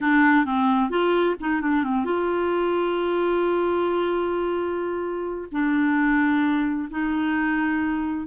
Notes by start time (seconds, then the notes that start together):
0.01 D4
0.45 C4
0.89 F4
1.39 D#4
1.61 D4
1.83 C4
2.04 F4
5.51 D4
6.90 D#4